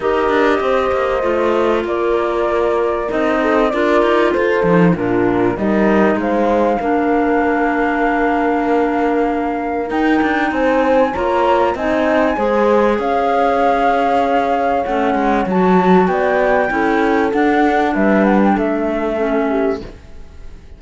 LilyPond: <<
  \new Staff \with { instrumentName = "flute" } { \time 4/4 \tempo 4 = 97 dis''2. d''4~ | d''4 dis''4 d''4 c''4 | ais'4 dis''4 f''2~ | f''1 |
g''4 gis''4 ais''4 gis''4~ | gis''4 f''2. | fis''4 a''4 g''2 | fis''4 e''8 fis''16 g''16 e''2 | }
  \new Staff \with { instrumentName = "horn" } { \time 4/4 ais'4 c''2 ais'4~ | ais'4. a'8 ais'4 a'4 | f'4 ais'4 c''4 ais'4~ | ais'1~ |
ais'4 c''4 cis''4 dis''4 | c''4 cis''2.~ | cis''2 d''4 a'4~ | a'4 b'4 a'4. g'8 | }
  \new Staff \with { instrumentName = "clarinet" } { \time 4/4 g'2 f'2~ | f'4 dis'4 f'4. dis'8 | d'4 dis'2 d'4~ | d'1 |
dis'2 f'4 dis'4 | gis'1 | cis'4 fis'2 e'4 | d'2. cis'4 | }
  \new Staff \with { instrumentName = "cello" } { \time 4/4 dis'8 d'8 c'8 ais8 a4 ais4~ | ais4 c'4 d'8 dis'8 f'8 f8 | ais,4 g4 gis4 ais4~ | ais1 |
dis'8 d'8 c'4 ais4 c'4 | gis4 cis'2. | a8 gis8 fis4 b4 cis'4 | d'4 g4 a2 | }
>>